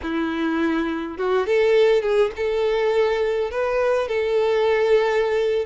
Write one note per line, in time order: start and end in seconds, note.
0.02 1.17 E4
1.17 1.46 F#4
1.46 2.02 A4
2.02 2.31 G#4
2.36 3.50 A4
3.50 4.08 B4
4.08 5.66 A4